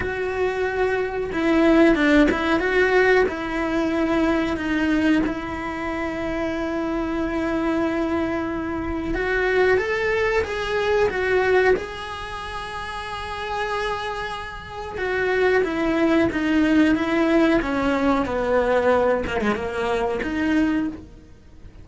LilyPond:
\new Staff \with { instrumentName = "cello" } { \time 4/4 \tempo 4 = 92 fis'2 e'4 d'8 e'8 | fis'4 e'2 dis'4 | e'1~ | e'2 fis'4 a'4 |
gis'4 fis'4 gis'2~ | gis'2. fis'4 | e'4 dis'4 e'4 cis'4 | b4. ais16 gis16 ais4 dis'4 | }